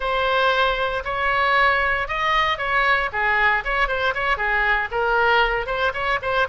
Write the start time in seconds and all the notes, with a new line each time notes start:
0.00 C5
1.04 C#5
2.08 D#5
2.58 C#5
3.12 G#4
3.64 C#5
3.88 C5
4.14 C#5
4.37 G#4
4.91 A#4
5.66 C5
5.93 C#5
6.21 C5